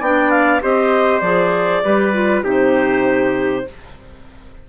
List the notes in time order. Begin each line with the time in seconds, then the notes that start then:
0.00 B3 D4 D5 G5
0.30 F5
0.61 C4 G4 C5 D#5
1.20 F3 G#4 D5
1.84 G3 G4 B4
2.13 F4
2.43 C3 D#4 G4 C5